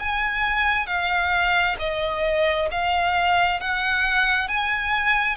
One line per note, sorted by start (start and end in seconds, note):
0.00 0.87 G#5
0.87 1.77 F5
1.80 2.69 D#5
2.72 3.61 F5
3.61 4.49 F#5
4.49 5.37 G#5